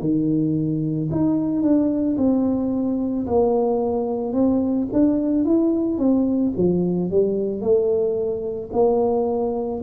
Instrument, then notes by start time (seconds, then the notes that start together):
tuba
0.00 D#3
1.11 D#4
1.62 D4
2.18 C4
3.27 A#3
4.33 C4
4.93 D4
5.45 E4
5.98 C4
6.57 F3
7.11 G3
7.61 A3
8.73 A#3